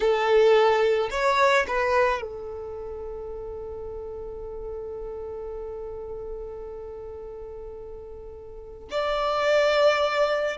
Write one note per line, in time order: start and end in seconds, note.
0.00 1.09 A4
1.10 1.66 C#5
1.67 2.21 B4
2.21 8.88 A4
8.90 10.57 D5